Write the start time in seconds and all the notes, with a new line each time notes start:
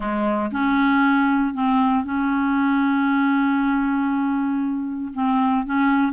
0.00 G#3
0.51 C#4
1.54 C4
2.04 C#4
5.14 C4
5.65 C#4